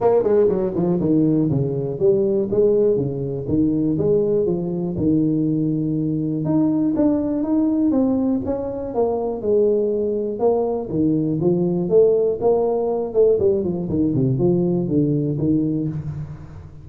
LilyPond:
\new Staff \with { instrumentName = "tuba" } { \time 4/4 \tempo 4 = 121 ais8 gis8 fis8 f8 dis4 cis4 | g4 gis4 cis4 dis4 | gis4 f4 dis2~ | dis4 dis'4 d'4 dis'4 |
c'4 cis'4 ais4 gis4~ | gis4 ais4 dis4 f4 | a4 ais4. a8 g8 f8 | dis8 c8 f4 d4 dis4 | }